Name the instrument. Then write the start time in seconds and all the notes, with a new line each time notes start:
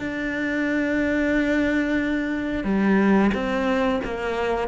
cello
0.00 D4
2.65 G3
3.34 C4
4.05 A#3